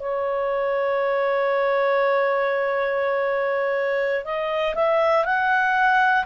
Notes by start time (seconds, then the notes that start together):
0.00 C#5
4.25 D#5
4.75 E5
5.25 F#5